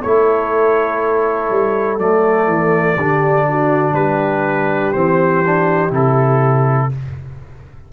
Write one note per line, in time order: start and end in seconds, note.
0.00 1.49 A3
0.00 1.99 E4
0.00 2.95 A4
0.00 1.99 C#5
1.49 1.98 G3
1.98 2.46 F#3
1.98 2.97 A3
1.98 3.94 D5
2.46 2.95 E3
2.96 3.92 D3
2.96 4.94 D4
2.96 3.45 G4
3.49 3.94 F#4
3.92 4.91 G3
3.92 6.89 G4
3.92 4.92 B4
4.92 5.90 E3
4.92 5.43 C4
4.92 5.90 C5
5.45 5.90 D4
5.90 6.89 C3
5.90 6.89 E4
5.90 6.92 A4